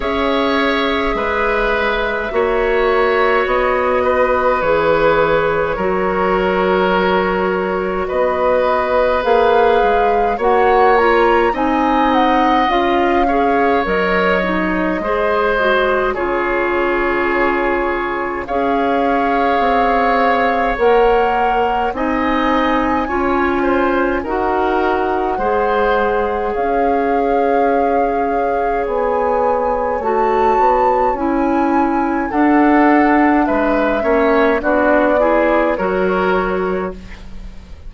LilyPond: <<
  \new Staff \with { instrumentName = "flute" } { \time 4/4 \tempo 4 = 52 e''2. dis''4 | cis''2. dis''4 | f''4 fis''8 ais''8 gis''8 fis''8 f''4 | dis''2 cis''2 |
f''2 fis''4 gis''4~ | gis''4 fis''2 f''4~ | f''4 gis''4 a''4 gis''4 | fis''4 e''4 d''4 cis''4 | }
  \new Staff \with { instrumentName = "oboe" } { \time 4/4 cis''4 b'4 cis''4. b'8~ | b'4 ais'2 b'4~ | b'4 cis''4 dis''4. cis''8~ | cis''4 c''4 gis'2 |
cis''2. dis''4 | cis''8 c''8 ais'4 c''4 cis''4~ | cis''1 | a'4 b'8 cis''8 fis'8 gis'8 ais'4 | }
  \new Staff \with { instrumentName = "clarinet" } { \time 4/4 gis'2 fis'2 | gis'4 fis'2. | gis'4 fis'8 f'8 dis'4 f'8 gis'8 | ais'8 dis'8 gis'8 fis'8 f'2 |
gis'2 ais'4 dis'4 | f'4 fis'4 gis'2~ | gis'2 fis'4 e'4 | d'4. cis'8 d'8 e'8 fis'4 | }
  \new Staff \with { instrumentName = "bassoon" } { \time 4/4 cis'4 gis4 ais4 b4 | e4 fis2 b4 | ais8 gis8 ais4 c'4 cis'4 | fis4 gis4 cis2 |
cis'4 c'4 ais4 c'4 | cis'4 dis'4 gis4 cis'4~ | cis'4 b4 a8 b8 cis'4 | d'4 gis8 ais8 b4 fis4 | }
>>